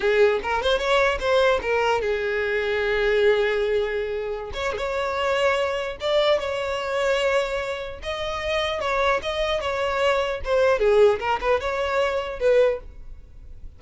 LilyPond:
\new Staff \with { instrumentName = "violin" } { \time 4/4 \tempo 4 = 150 gis'4 ais'8 c''8 cis''4 c''4 | ais'4 gis'2.~ | gis'2.~ gis'16 cis''8 gis'16 | cis''2. d''4 |
cis''1 | dis''2 cis''4 dis''4 | cis''2 c''4 gis'4 | ais'8 b'8 cis''2 b'4 | }